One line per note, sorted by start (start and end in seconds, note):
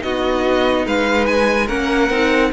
0.00 0.87 B3
0.00 1.67 D#4
0.00 0.86 F#4
0.00 0.86 D#5
0.86 1.70 G#3
0.86 1.66 B4
0.86 1.26 F5
1.26 1.68 G#5
1.66 2.10 A#3
1.66 2.11 C#4
1.66 2.50 A#4
1.66 2.52 F#5
2.10 2.52 C4
2.10 2.53 D#4